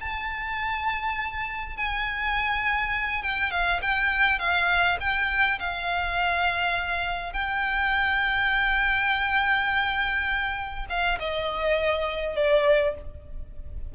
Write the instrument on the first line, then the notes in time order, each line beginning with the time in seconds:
violin
0.00 A5
1.77 G#5
3.23 G5
3.51 F5
3.82 G5
4.39 F5
5.00 G5
5.60 F5
7.33 G5
10.89 F5
11.20 D#5
12.36 D5